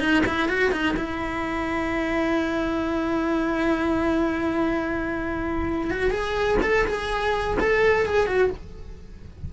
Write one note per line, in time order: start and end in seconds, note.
0.00 0.24 D#4
0.26 0.49 E4
0.49 0.72 F#4
0.72 0.96 D#4
0.97 5.91 E4
5.91 6.11 F#4
6.11 6.58 G#4
6.62 6.86 A4
6.87 7.58 G#4
7.60 8.06 A4
8.06 8.27 G#4
8.27 8.50 F#4